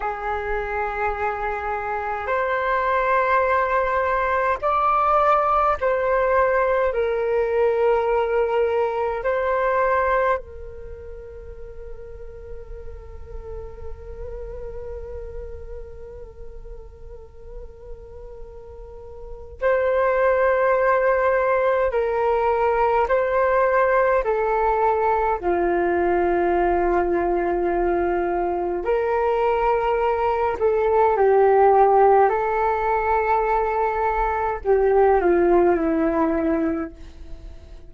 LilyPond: \new Staff \with { instrumentName = "flute" } { \time 4/4 \tempo 4 = 52 gis'2 c''2 | d''4 c''4 ais'2 | c''4 ais'2.~ | ais'1~ |
ais'4 c''2 ais'4 | c''4 a'4 f'2~ | f'4 ais'4. a'8 g'4 | a'2 g'8 f'8 e'4 | }